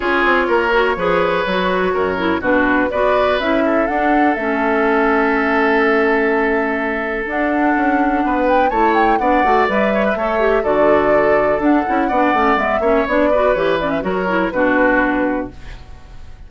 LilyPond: <<
  \new Staff \with { instrumentName = "flute" } { \time 4/4 \tempo 4 = 124 cis''1~ | cis''4 b'4 d''4 e''4 | fis''4 e''2.~ | e''2. fis''4~ |
fis''4. g''8 a''8 g''8 fis''4 | e''2 d''2 | fis''2 e''4 d''4 | cis''8 d''16 e''16 cis''4 b'2 | }
  \new Staff \with { instrumentName = "oboe" } { \time 4/4 gis'4 ais'4 b'2 | ais'4 fis'4 b'4. a'8~ | a'1~ | a'1~ |
a'4 b'4 cis''4 d''4~ | d''8 cis''16 b'16 cis''4 a'2~ | a'4 d''4. cis''4 b'8~ | b'4 ais'4 fis'2 | }
  \new Staff \with { instrumentName = "clarinet" } { \time 4/4 f'4. fis'8 gis'4 fis'4~ | fis'8 e'8 d'4 fis'4 e'4 | d'4 cis'2.~ | cis'2. d'4~ |
d'2 e'4 d'8 fis'8 | b'4 a'8 g'8 fis'2 | d'8 e'8 d'8 cis'8 b8 cis'8 d'8 fis'8 | g'8 cis'8 fis'8 e'8 d'2 | }
  \new Staff \with { instrumentName = "bassoon" } { \time 4/4 cis'8 c'8 ais4 f4 fis4 | fis,4 b,4 b4 cis'4 | d'4 a2.~ | a2. d'4 |
cis'4 b4 a4 b8 a8 | g4 a4 d2 | d'8 cis'8 b8 a8 gis8 ais8 b4 | e4 fis4 b,2 | }
>>